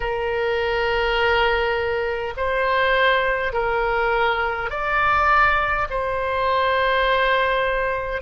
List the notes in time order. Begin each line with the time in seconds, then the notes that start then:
0.00 A#4
2.36 C5
3.52 A#4
4.70 D5
5.89 C5